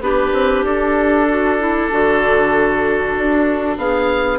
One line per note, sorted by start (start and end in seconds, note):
0.00 0.31 B3
0.00 4.39 D4
0.00 1.27 G4
0.00 0.65 B4
0.32 0.63 C4
0.63 1.88 D4
0.63 3.78 A4
1.28 1.59 F#4
1.59 1.90 E4
1.91 3.17 D3
1.91 3.78 F#4
3.17 3.77 D4
3.77 4.39 B3
3.77 4.39 G#4
3.77 4.39 F5